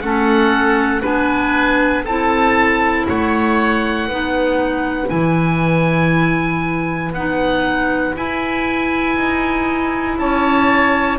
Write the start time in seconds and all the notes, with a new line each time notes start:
0.00 A3 C#4 A4 F#5
1.01 B3 D4 B4 G#5
2.04 C4 E4 A4 A5
3.08 A3 C#5 F#5
4.08 B3 D#4 B4
5.08 E3 E4 G#5
7.12 B3 D#4 F#5
8.15 E4 G#5
9.16 D#4
10.18 C#4 C#5 A5